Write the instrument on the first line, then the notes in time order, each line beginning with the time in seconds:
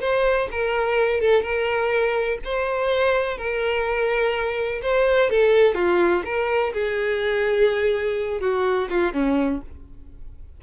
violin
0.00 C5
0.51 A#4
1.20 A4
1.42 A#4
2.44 C5
3.37 A#4
4.82 C5
5.30 A4
5.74 F4
6.25 A#4
6.73 G#4
8.40 F#4
8.90 F4
9.13 C#4